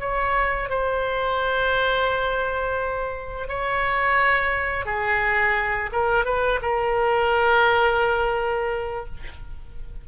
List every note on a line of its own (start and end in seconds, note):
0.00 0.70 C#5
0.70 3.49 C5
3.49 4.86 C#5
4.86 5.90 G#4
5.93 6.25 A#4
6.25 6.60 B4
6.62 9.06 A#4